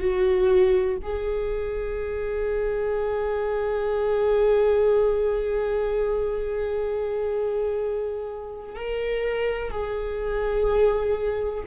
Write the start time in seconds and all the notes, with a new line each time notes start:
0.00 F#4
1.02 G#4
8.75 A#4
9.71 G#4